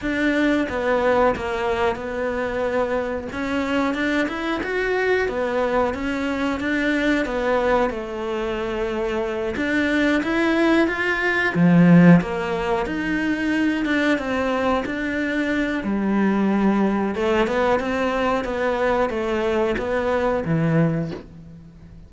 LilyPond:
\new Staff \with { instrumentName = "cello" } { \time 4/4 \tempo 4 = 91 d'4 b4 ais4 b4~ | b4 cis'4 d'8 e'8 fis'4 | b4 cis'4 d'4 b4 | a2~ a8 d'4 e'8~ |
e'8 f'4 f4 ais4 dis'8~ | dis'4 d'8 c'4 d'4. | g2 a8 b8 c'4 | b4 a4 b4 e4 | }